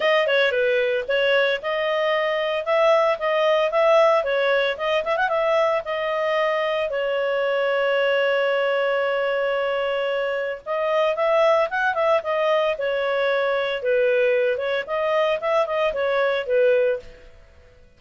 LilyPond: \new Staff \with { instrumentName = "clarinet" } { \time 4/4 \tempo 4 = 113 dis''8 cis''8 b'4 cis''4 dis''4~ | dis''4 e''4 dis''4 e''4 | cis''4 dis''8 e''16 fis''16 e''4 dis''4~ | dis''4 cis''2.~ |
cis''1 | dis''4 e''4 fis''8 e''8 dis''4 | cis''2 b'4. cis''8 | dis''4 e''8 dis''8 cis''4 b'4 | }